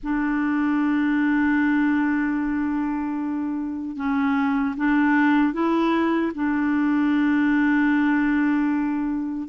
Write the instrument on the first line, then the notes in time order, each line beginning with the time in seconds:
clarinet
0.03 D4
3.96 C#4
4.77 D4
5.53 E4
6.34 D4